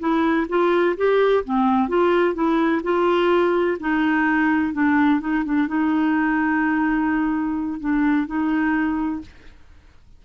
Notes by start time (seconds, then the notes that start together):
0.00 E4
0.49 F4
0.97 G4
1.45 C4
1.89 F4
2.35 E4
2.83 F4
3.80 D#4
4.74 D4
5.21 D#4
5.45 D4
5.68 D#4
7.80 D4
8.27 D#4